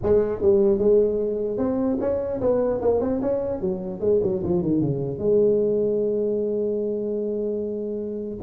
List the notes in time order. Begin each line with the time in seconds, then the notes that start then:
0.03 G#3
0.41 G3
0.78 G#3
1.57 C4
2.00 C#4
2.40 B3
2.81 A#3
3.00 C4
3.21 C#4
3.60 F#3
4.00 G#3
4.22 F#3
4.43 F3
4.62 D#3
4.81 C#3
5.18 G#3